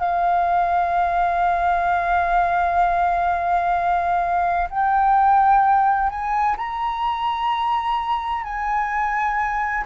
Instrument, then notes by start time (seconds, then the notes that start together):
flute
0.00 F5
4.70 G5
6.10 G#5
6.58 A#5
8.44 G#5